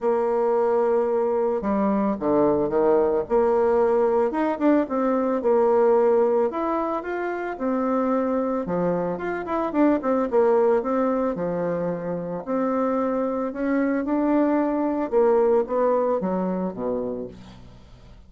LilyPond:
\new Staff \with { instrumentName = "bassoon" } { \time 4/4 \tempo 4 = 111 ais2. g4 | d4 dis4 ais2 | dis'8 d'8 c'4 ais2 | e'4 f'4 c'2 |
f4 f'8 e'8 d'8 c'8 ais4 | c'4 f2 c'4~ | c'4 cis'4 d'2 | ais4 b4 fis4 b,4 | }